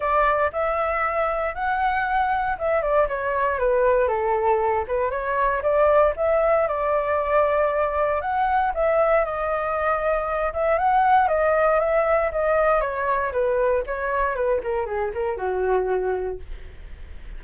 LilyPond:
\new Staff \with { instrumentName = "flute" } { \time 4/4 \tempo 4 = 117 d''4 e''2 fis''4~ | fis''4 e''8 d''8 cis''4 b'4 | a'4. b'8 cis''4 d''4 | e''4 d''2. |
fis''4 e''4 dis''2~ | dis''8 e''8 fis''4 dis''4 e''4 | dis''4 cis''4 b'4 cis''4 | b'8 ais'8 gis'8 ais'8 fis'2 | }